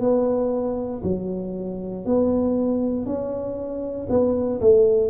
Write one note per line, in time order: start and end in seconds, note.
0.00 1.02 B3
1.04 2.05 F#3
2.05 3.06 B3
3.06 4.08 C#4
4.09 4.60 B3
4.61 5.10 A3